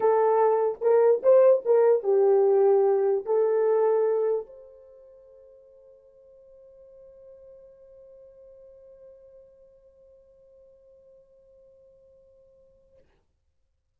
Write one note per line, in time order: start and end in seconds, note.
0.00 0.78 A4
0.81 1.22 A#4
1.23 1.63 C5
1.65 2.03 A#4
2.03 3.24 G4
3.25 4.46 A4
4.46 12.97 C5